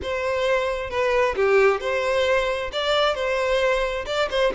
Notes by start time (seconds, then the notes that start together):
0.02 C5
0.90 B4
1.36 G4
1.80 C5
2.72 D5
3.15 C5
4.06 D5
4.30 C5